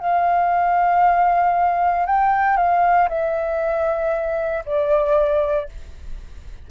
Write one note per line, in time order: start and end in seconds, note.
0.00 2.06 F5
2.06 2.57 G5
2.57 3.08 F5
3.09 4.64 E5
4.66 5.69 D5